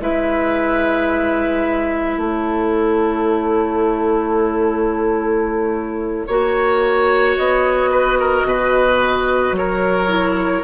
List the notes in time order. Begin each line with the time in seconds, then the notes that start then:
0.00 G#3 E4 B4 E5
2.17 A3 A4 C#5
6.27 A#3 F#4 C#5
7.37 B3 D#5
7.92 B4
8.20 A#4
8.44 B2 B4
9.52 F#3 A#4 C#5
10.08 E4